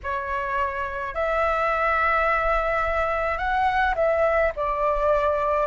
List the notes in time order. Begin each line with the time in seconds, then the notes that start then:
0.03 C#5
1.14 E5
3.38 F#5
3.95 E5
4.55 D5